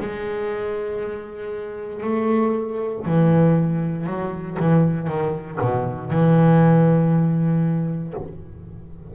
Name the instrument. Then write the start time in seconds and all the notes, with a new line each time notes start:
double bass
0.00 G#3
2.04 A3
3.05 E3
4.06 F#3
4.59 E3
5.07 D#3
5.61 B2
6.11 E3